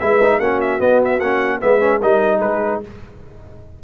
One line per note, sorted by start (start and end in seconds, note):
0.00 0.40 G#3
0.00 0.22 E4
0.00 0.39 B4
0.00 0.40 E5
0.23 0.42 D#4
0.39 0.80 A#3
0.39 0.80 C#4
0.39 1.59 F#4
0.39 0.60 F#5
0.61 0.81 E5
0.80 1.20 B3
0.80 1.01 D#5
1.05 1.20 E5
1.20 1.61 A#3
1.20 1.61 C#4
1.20 1.60 F#5
1.61 2.03 G#3
1.61 1.80 B3
1.61 2.00 B4
1.61 2.02 E5
1.80 2.00 C#4
2.00 2.42 G3
2.00 2.84 D#4
2.00 2.38 A#4
2.00 2.41 D#5
2.38 2.82 G#3
2.38 2.79 G#4
2.38 2.81 B4